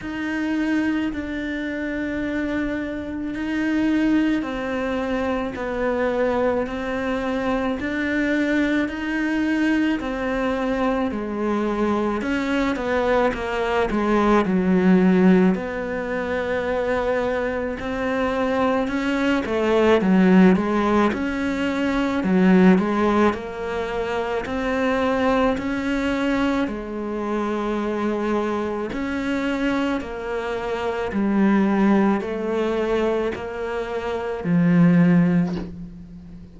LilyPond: \new Staff \with { instrumentName = "cello" } { \time 4/4 \tempo 4 = 54 dis'4 d'2 dis'4 | c'4 b4 c'4 d'4 | dis'4 c'4 gis4 cis'8 b8 | ais8 gis8 fis4 b2 |
c'4 cis'8 a8 fis8 gis8 cis'4 | fis8 gis8 ais4 c'4 cis'4 | gis2 cis'4 ais4 | g4 a4 ais4 f4 | }